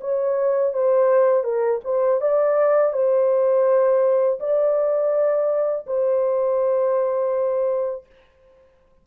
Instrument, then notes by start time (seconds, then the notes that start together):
horn
0.00 C#5
0.73 C5
1.43 A#4
1.84 C5
2.21 D5
2.93 C5
4.39 D5
5.86 C5